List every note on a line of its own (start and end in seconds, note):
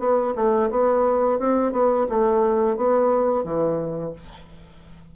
0.00 0.34 B3
0.36 0.70 A3
0.71 1.39 B3
1.39 1.73 C4
1.73 2.07 B3
2.09 2.77 A3
2.77 3.44 B3
3.44 4.13 E3